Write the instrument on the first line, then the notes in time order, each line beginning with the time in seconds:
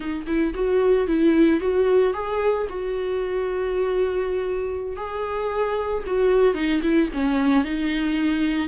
viola
0.00 D#4
0.27 E4
0.54 F#4
1.07 E4
1.60 F#4
2.13 G#4
2.69 F#4
4.96 G#4
6.06 F#4
6.54 D#4
6.82 E4
7.13 C#4
7.64 D#4